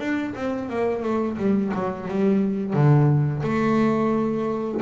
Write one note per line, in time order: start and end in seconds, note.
0.00 0.34 D4
0.36 0.70 C4
0.70 1.03 A#3
1.03 1.38 A3
1.38 1.72 G3
1.75 2.09 F#3
2.09 2.74 G3
2.74 3.43 D3
3.44 4.82 A3